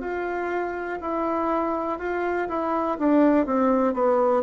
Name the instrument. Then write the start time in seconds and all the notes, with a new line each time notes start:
bassoon
0.00 F4
1.00 E4
1.99 F4
2.48 E4
2.98 D4
3.46 C4
3.93 B3